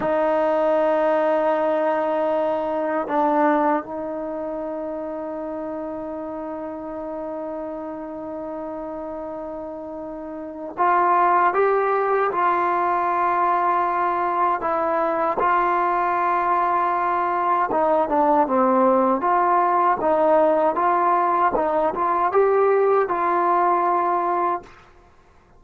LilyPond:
\new Staff \with { instrumentName = "trombone" } { \time 4/4 \tempo 4 = 78 dis'1 | d'4 dis'2.~ | dis'1~ | dis'2 f'4 g'4 |
f'2. e'4 | f'2. dis'8 d'8 | c'4 f'4 dis'4 f'4 | dis'8 f'8 g'4 f'2 | }